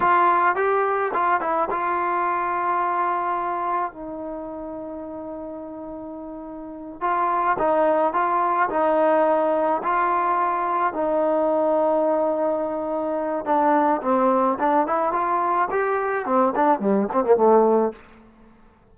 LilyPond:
\new Staff \with { instrumentName = "trombone" } { \time 4/4 \tempo 4 = 107 f'4 g'4 f'8 e'8 f'4~ | f'2. dis'4~ | dis'1~ | dis'8 f'4 dis'4 f'4 dis'8~ |
dis'4. f'2 dis'8~ | dis'1 | d'4 c'4 d'8 e'8 f'4 | g'4 c'8 d'8 g8 c'16 ais16 a4 | }